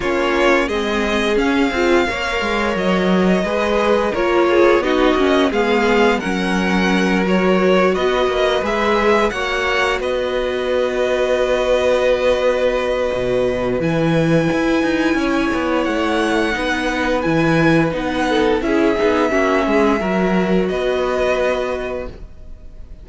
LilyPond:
<<
  \new Staff \with { instrumentName = "violin" } { \time 4/4 \tempo 4 = 87 cis''4 dis''4 f''2 | dis''2 cis''4 dis''4 | f''4 fis''4. cis''4 dis''8~ | dis''8 e''4 fis''4 dis''4.~ |
dis''1 | gis''2. fis''4~ | fis''4 gis''4 fis''4 e''4~ | e''2 dis''2 | }
  \new Staff \with { instrumentName = "violin" } { \time 4/4 f'4 gis'2 cis''4~ | cis''4 b'4 ais'8 gis'8 fis'4 | gis'4 ais'2~ ais'8 b'8~ | b'4. cis''4 b'4.~ |
b'1~ | b'2 cis''2 | b'2~ b'8 a'8 gis'4 | fis'8 gis'8 ais'4 b'2 | }
  \new Staff \with { instrumentName = "viola" } { \time 4/4 cis'4 c'4 cis'8 f'8 ais'4~ | ais'4 gis'4 f'4 dis'8 cis'8 | b4 cis'4. fis'4.~ | fis'8 gis'4 fis'2~ fis'8~ |
fis'1 | e'1 | dis'4 e'4 dis'4 e'8 dis'8 | cis'4 fis'2. | }
  \new Staff \with { instrumentName = "cello" } { \time 4/4 ais4 gis4 cis'8 c'8 ais8 gis8 | fis4 gis4 ais4 b8 ais8 | gis4 fis2~ fis8 b8 | ais8 gis4 ais4 b4.~ |
b2. b,4 | e4 e'8 dis'8 cis'8 b8 a4 | b4 e4 b4 cis'8 b8 | ais8 gis8 fis4 b2 | }
>>